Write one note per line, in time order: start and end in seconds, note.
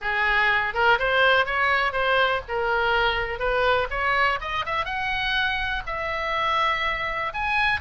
0.01 0.73 G#4
0.73 0.98 A#4
0.98 1.45 C5
1.45 1.92 C#5
1.92 2.41 C5
2.48 3.39 A#4
3.39 3.87 B4
3.90 4.39 C#5
4.40 4.65 D#5
4.65 4.85 E5
4.85 5.82 F#5
5.86 7.32 E5
7.33 7.80 G#5